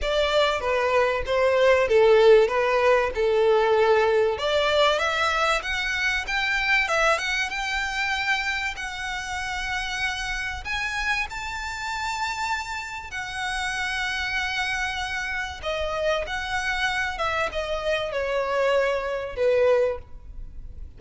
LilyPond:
\new Staff \with { instrumentName = "violin" } { \time 4/4 \tempo 4 = 96 d''4 b'4 c''4 a'4 | b'4 a'2 d''4 | e''4 fis''4 g''4 e''8 fis''8 | g''2 fis''2~ |
fis''4 gis''4 a''2~ | a''4 fis''2.~ | fis''4 dis''4 fis''4. e''8 | dis''4 cis''2 b'4 | }